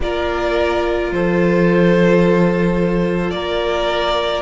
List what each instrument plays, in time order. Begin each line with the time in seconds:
0.00 cello A#3, viola F4, violin A#4 D5
1.11 cello F3, violin A4 C5
3.31 cello A#3, violin A#4 D5